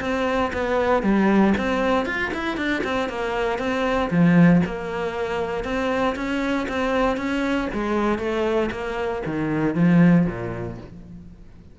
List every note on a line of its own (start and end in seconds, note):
0.00 0.51 C4
0.53 1.02 B3
1.02 1.54 G3
1.57 2.05 C4
2.05 2.31 F4
2.34 2.57 E4
2.57 2.82 D4
2.83 3.09 C4
3.09 3.58 A#3
3.58 4.10 C4
4.10 4.61 F3
4.65 5.64 A#3
5.64 6.15 C4
6.15 6.67 C#4
6.68 7.17 C4
7.17 7.68 C#4
7.73 8.18 G#3
8.18 8.69 A3
8.71 9.22 A#3
9.25 9.75 D#3
9.75 10.26 F3
10.26 10.77 A#2